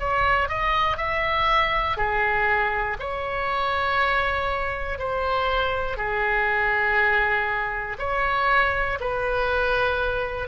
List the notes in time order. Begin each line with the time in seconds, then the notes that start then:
0.00 C#5
0.49 D#5
0.97 E5
1.97 G#4
3.00 C#5
4.99 C5
5.97 G#4
7.99 C#5
9.00 B4